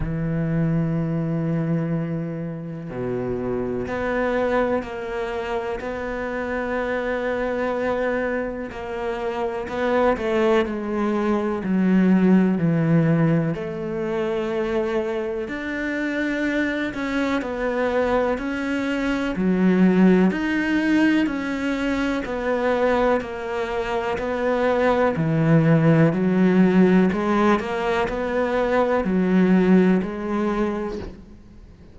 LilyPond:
\new Staff \with { instrumentName = "cello" } { \time 4/4 \tempo 4 = 62 e2. b,4 | b4 ais4 b2~ | b4 ais4 b8 a8 gis4 | fis4 e4 a2 |
d'4. cis'8 b4 cis'4 | fis4 dis'4 cis'4 b4 | ais4 b4 e4 fis4 | gis8 ais8 b4 fis4 gis4 | }